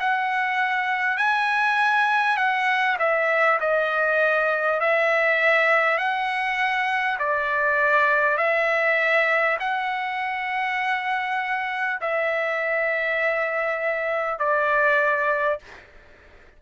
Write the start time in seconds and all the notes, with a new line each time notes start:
0.00 F#5
1.17 G#5
2.37 F#5
2.99 E5
3.61 D#5
4.81 E5
5.98 F#5
7.19 D5
8.37 E5
9.59 F#5
12.01 E5
14.39 D5